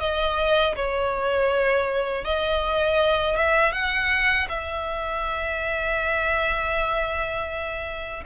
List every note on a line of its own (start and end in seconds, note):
0.00 0.75 D#5
0.75 2.24 C#5
2.24 3.36 D#5
3.36 3.73 E5
3.73 4.48 F#5
4.49 8.24 E5